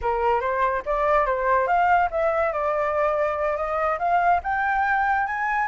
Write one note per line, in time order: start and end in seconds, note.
0.01 0.40 A#4
0.40 0.82 C5
0.85 1.26 D5
1.26 1.67 C5
1.67 2.09 F5
2.10 2.52 E5
2.52 3.56 D5
3.56 3.98 D#5
3.98 4.40 F5
4.43 5.26 G5
5.26 5.68 G#5